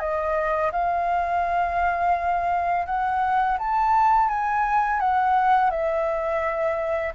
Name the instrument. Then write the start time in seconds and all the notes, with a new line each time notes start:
flute
0.00 D#5
0.72 F5
2.86 F#5
3.59 A5
4.29 G#5
5.00 F#5
5.71 E5